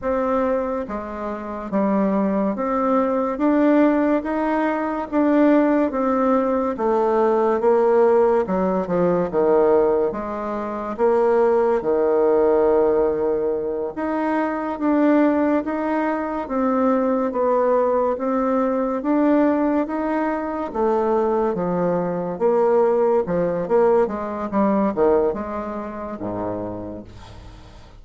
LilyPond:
\new Staff \with { instrumentName = "bassoon" } { \time 4/4 \tempo 4 = 71 c'4 gis4 g4 c'4 | d'4 dis'4 d'4 c'4 | a4 ais4 fis8 f8 dis4 | gis4 ais4 dis2~ |
dis8 dis'4 d'4 dis'4 c'8~ | c'8 b4 c'4 d'4 dis'8~ | dis'8 a4 f4 ais4 f8 | ais8 gis8 g8 dis8 gis4 gis,4 | }